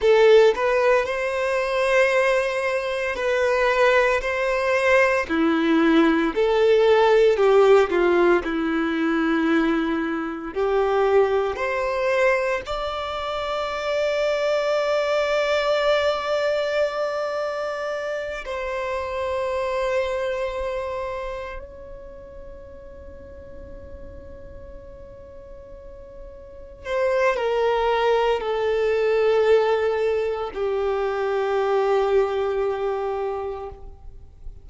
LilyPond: \new Staff \with { instrumentName = "violin" } { \time 4/4 \tempo 4 = 57 a'8 b'8 c''2 b'4 | c''4 e'4 a'4 g'8 f'8 | e'2 g'4 c''4 | d''1~ |
d''4. c''2~ c''8~ | c''8 cis''2.~ cis''8~ | cis''4. c''8 ais'4 a'4~ | a'4 g'2. | }